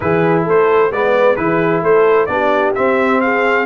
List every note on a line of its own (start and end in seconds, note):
0.00 0.47 E3
0.00 0.91 E4
0.00 0.44 G#4
0.00 0.42 B4
0.44 0.91 A3
0.44 0.90 A4
0.44 0.92 C5
0.91 1.37 G#3
0.91 1.36 B3
0.91 1.37 B4
0.91 1.36 D5
1.36 1.82 E3
1.36 2.28 E4
1.36 1.82 G#4
1.36 1.82 B4
1.82 2.28 A3
1.82 2.28 A4
1.82 2.26 C5
2.26 2.74 B3
2.26 2.74 D4
2.26 3.22 G4
2.26 2.71 D5
2.75 3.66 C4
2.75 3.20 E5
3.20 3.66 G#4
3.20 3.66 F5